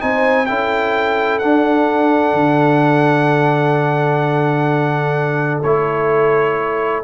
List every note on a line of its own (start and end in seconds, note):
0.00 0.50 C4
0.00 0.47 D#4
0.00 0.48 C5
0.00 0.47 G#5
0.47 1.42 C#4
0.47 1.42 E4
0.47 7.04 A4
0.47 1.39 G5
1.39 5.64 D4
1.39 2.33 D4
1.39 5.61 F#5
2.33 5.62 D3
5.63 7.04 A3
5.63 7.04 E4
5.63 7.04 C#5